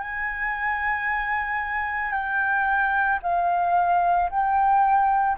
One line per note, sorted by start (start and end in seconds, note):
0.00 2.12 G#5
2.12 3.19 G5
3.22 4.30 F5
4.30 5.37 G5